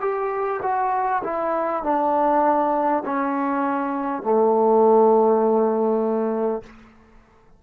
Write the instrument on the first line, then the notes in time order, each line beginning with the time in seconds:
trombone
0.00 G4
0.62 F#4
1.23 E4
1.83 D4
3.05 C#4
4.23 A3